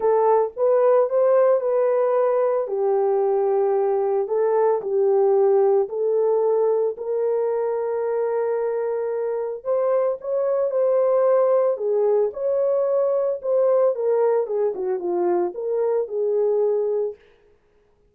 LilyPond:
\new Staff \with { instrumentName = "horn" } { \time 4/4 \tempo 4 = 112 a'4 b'4 c''4 b'4~ | b'4 g'2. | a'4 g'2 a'4~ | a'4 ais'2.~ |
ais'2 c''4 cis''4 | c''2 gis'4 cis''4~ | cis''4 c''4 ais'4 gis'8 fis'8 | f'4 ais'4 gis'2 | }